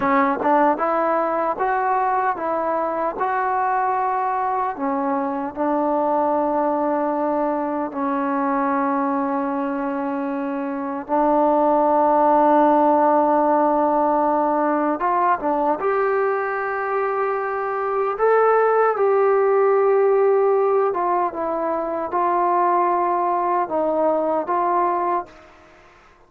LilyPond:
\new Staff \with { instrumentName = "trombone" } { \time 4/4 \tempo 4 = 76 cis'8 d'8 e'4 fis'4 e'4 | fis'2 cis'4 d'4~ | d'2 cis'2~ | cis'2 d'2~ |
d'2. f'8 d'8 | g'2. a'4 | g'2~ g'8 f'8 e'4 | f'2 dis'4 f'4 | }